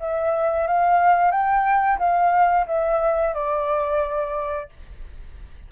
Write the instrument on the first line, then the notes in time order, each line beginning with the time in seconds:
flute
0.00 E5
0.67 F5
1.31 G5
1.99 F5
2.67 E5
3.35 D5